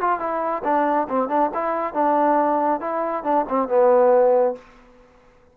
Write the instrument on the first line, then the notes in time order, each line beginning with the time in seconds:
trombone
0.00 F4
0.19 E4
0.64 D4
1.09 C4
1.28 D4
1.54 E4
1.93 D4
2.80 E4
3.23 D4
3.48 C4
3.68 B3